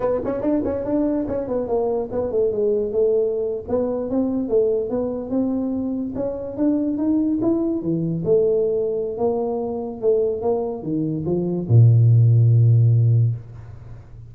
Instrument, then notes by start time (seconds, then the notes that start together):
tuba
0.00 B3
0.24 C#4
0.41 D4
0.64 C#4
0.84 D4
1.27 C#4
1.47 B3
1.67 A#3
2.11 B3
2.31 A3
2.52 G#3
2.92 A3
3.68 B3
4.10 C4
4.48 A3
4.89 B3
5.30 C4
6.15 C#4
6.57 D4
6.97 D#4
7.41 E4
7.82 E3
8.25 A3
9.17 A#3
10.01 A3
10.41 A#3
10.82 D#3
11.25 F3
11.68 A#2